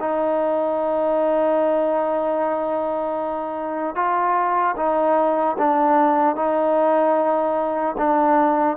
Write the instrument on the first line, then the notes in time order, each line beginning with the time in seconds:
trombone
0.00 D#4
3.96 F4
4.77 D#4
5.58 D4
6.36 D#4
7.98 D4